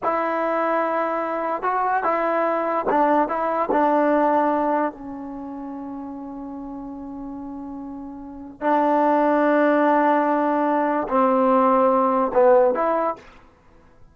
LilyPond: \new Staff \with { instrumentName = "trombone" } { \time 4/4 \tempo 4 = 146 e'1 | fis'4 e'2 d'4 | e'4 d'2. | cis'1~ |
cis'1~ | cis'4 d'2.~ | d'2. c'4~ | c'2 b4 e'4 | }